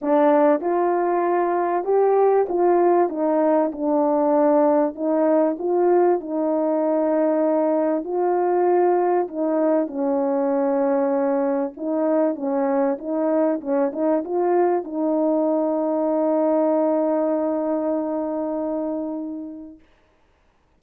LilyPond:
\new Staff \with { instrumentName = "horn" } { \time 4/4 \tempo 4 = 97 d'4 f'2 g'4 | f'4 dis'4 d'2 | dis'4 f'4 dis'2~ | dis'4 f'2 dis'4 |
cis'2. dis'4 | cis'4 dis'4 cis'8 dis'8 f'4 | dis'1~ | dis'1 | }